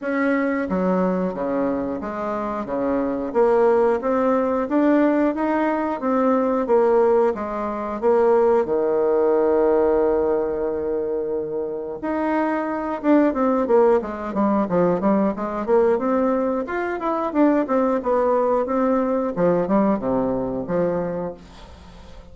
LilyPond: \new Staff \with { instrumentName = "bassoon" } { \time 4/4 \tempo 4 = 90 cis'4 fis4 cis4 gis4 | cis4 ais4 c'4 d'4 | dis'4 c'4 ais4 gis4 | ais4 dis2.~ |
dis2 dis'4. d'8 | c'8 ais8 gis8 g8 f8 g8 gis8 ais8 | c'4 f'8 e'8 d'8 c'8 b4 | c'4 f8 g8 c4 f4 | }